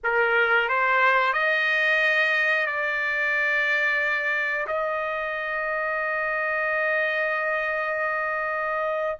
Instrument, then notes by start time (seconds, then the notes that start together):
trumpet
0.03 A#4
0.68 C5
1.33 D#5
2.66 D5
4.67 D#5